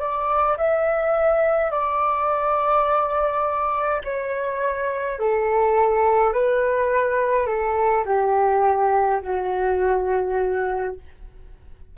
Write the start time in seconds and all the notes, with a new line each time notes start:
0.00 D5
0.58 E5
1.72 D5
4.04 C#5
5.19 A4
6.34 B4
7.47 A4
8.06 G4
9.23 F#4